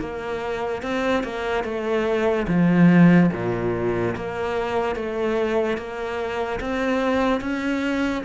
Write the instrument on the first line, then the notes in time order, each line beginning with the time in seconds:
cello
0.00 A#3
0.83 C4
1.23 A#3
1.64 A3
2.48 F3
3.33 A#2
4.16 A#3
4.95 A3
5.78 A#3
6.60 C4
7.41 C#4